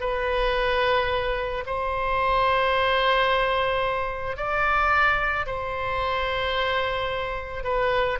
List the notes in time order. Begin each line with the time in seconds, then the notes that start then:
0.00 B4
1.66 C5
4.36 D5
5.46 C5
7.64 B4